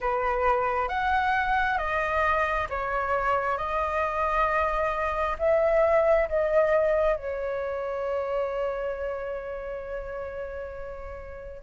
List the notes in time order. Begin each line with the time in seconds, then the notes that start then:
0.00 B4
0.88 F#5
1.78 D#5
2.69 C#5
3.57 D#5
5.39 E5
6.28 D#5
7.16 C#5